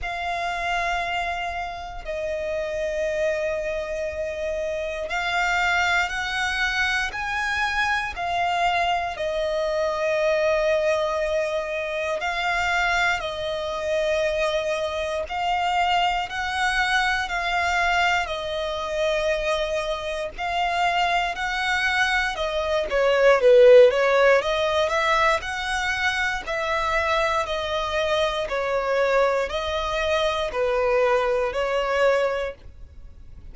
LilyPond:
\new Staff \with { instrumentName = "violin" } { \time 4/4 \tempo 4 = 59 f''2 dis''2~ | dis''4 f''4 fis''4 gis''4 | f''4 dis''2. | f''4 dis''2 f''4 |
fis''4 f''4 dis''2 | f''4 fis''4 dis''8 cis''8 b'8 cis''8 | dis''8 e''8 fis''4 e''4 dis''4 | cis''4 dis''4 b'4 cis''4 | }